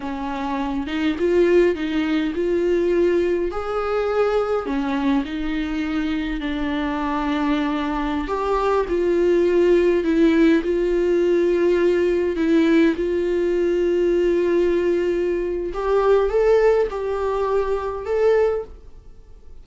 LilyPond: \new Staff \with { instrumentName = "viola" } { \time 4/4 \tempo 4 = 103 cis'4. dis'8 f'4 dis'4 | f'2 gis'2 | cis'4 dis'2 d'4~ | d'2~ d'16 g'4 f'8.~ |
f'4~ f'16 e'4 f'4.~ f'16~ | f'4~ f'16 e'4 f'4.~ f'16~ | f'2. g'4 | a'4 g'2 a'4 | }